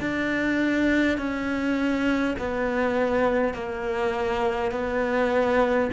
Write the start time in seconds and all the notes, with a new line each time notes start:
0.00 D4
1.18 C#4
2.39 B3
3.54 A#3
4.72 B3